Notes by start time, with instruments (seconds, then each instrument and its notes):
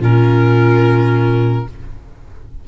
0.00 tuba A#2, clarinet C#4, viola F4, violin A#4